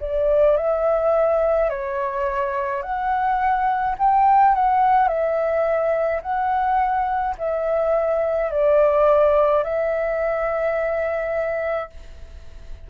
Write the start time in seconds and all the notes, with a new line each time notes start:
0.00 D5
0.57 E5
1.69 C#5
2.82 F#5
3.98 G5
4.54 F#5
5.07 E5
6.22 F#5
7.38 E5
8.51 D5
9.63 E5